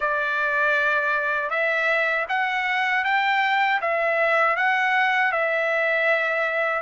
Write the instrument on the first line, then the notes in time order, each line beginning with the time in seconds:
trumpet
0.00 D5
1.49 E5
2.28 F#5
3.04 G5
3.81 E5
4.56 F#5
5.32 E5